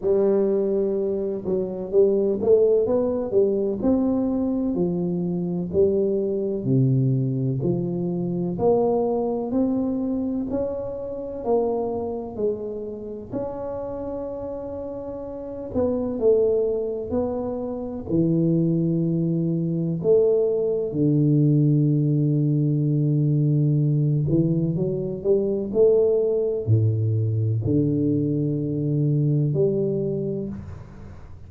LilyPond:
\new Staff \with { instrumentName = "tuba" } { \time 4/4 \tempo 4 = 63 g4. fis8 g8 a8 b8 g8 | c'4 f4 g4 c4 | f4 ais4 c'4 cis'4 | ais4 gis4 cis'2~ |
cis'8 b8 a4 b4 e4~ | e4 a4 d2~ | d4. e8 fis8 g8 a4 | a,4 d2 g4 | }